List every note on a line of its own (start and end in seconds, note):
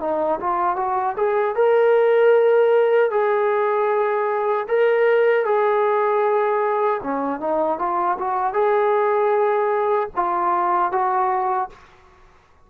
0.00 0.39 D#4
0.40 0.76 F4
0.76 1.15 F#4
1.16 1.55 G#4
1.55 3.10 A#4
3.10 4.66 G#4
4.68 5.45 A#4
5.45 7.01 G#4
7.03 7.40 C#4
7.40 7.78 D#4
7.78 8.17 F4
8.18 8.53 F#4
8.53 10.09 G#4
10.15 10.91 F4
10.91 11.69 F#4